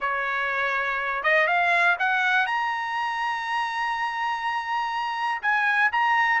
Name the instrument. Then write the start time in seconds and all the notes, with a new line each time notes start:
trumpet
0.00 C#5
1.23 D#5
1.47 F5
1.99 F#5
2.46 A#5
5.42 G#5
5.92 A#5